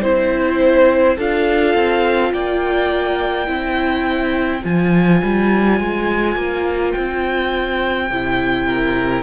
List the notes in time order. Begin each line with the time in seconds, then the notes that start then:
0.00 C4 E4 C5
1.15 D4 F4 A4 F5
1.74 C4
2.33 A#3 D5 G5
3.46 C4 E4 C5
4.62 F3 F4 G#5
5.23 G3
5.80 G#3
6.35 A#3
6.92 C4 G5
8.10 C3 E4
8.67 A#4